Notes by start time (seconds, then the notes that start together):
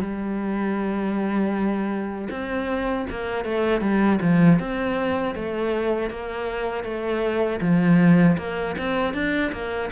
0.00 G3
2.30 C4
3.10 A#3
3.44 A3
3.80 G3
4.21 F3
4.59 C4
5.34 A3
6.10 A#3
6.83 A3
7.61 F3
8.38 A#3
8.78 C4
9.13 D4
9.52 A#3